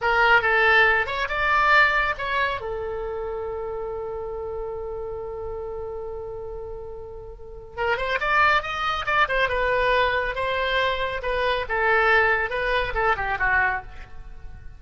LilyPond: \new Staff \with { instrumentName = "oboe" } { \time 4/4 \tempo 4 = 139 ais'4 a'4. cis''8 d''4~ | d''4 cis''4 a'2~ | a'1~ | a'1~ |
a'2 ais'8 c''8 d''4 | dis''4 d''8 c''8 b'2 | c''2 b'4 a'4~ | a'4 b'4 a'8 g'8 fis'4 | }